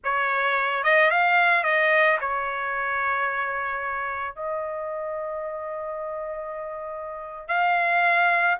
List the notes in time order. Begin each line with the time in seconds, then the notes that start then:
0.03 C#5
0.83 D#5
1.11 F5
1.63 D#5
2.20 C#5
4.35 D#5
7.48 F5